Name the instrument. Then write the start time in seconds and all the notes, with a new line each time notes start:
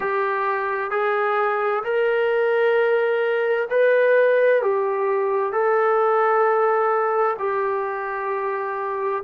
trombone
0.00 G4
0.91 G#4
1.83 A#4
3.70 B4
4.62 G4
5.52 A4
7.38 G4